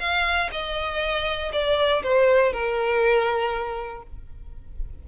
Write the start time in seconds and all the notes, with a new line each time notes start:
0.00 F5
0.52 D#5
1.53 D5
2.03 C5
2.53 A#4